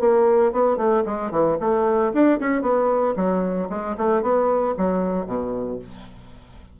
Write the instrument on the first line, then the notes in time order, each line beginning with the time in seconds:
bassoon
0.00 A#3
0.52 B3
0.77 A3
1.06 G#3
1.31 E3
1.60 A3
2.13 D4
2.40 C#4
2.62 B3
3.16 F#3
3.69 G#3
3.98 A3
4.22 B3
4.78 F#3
5.26 B2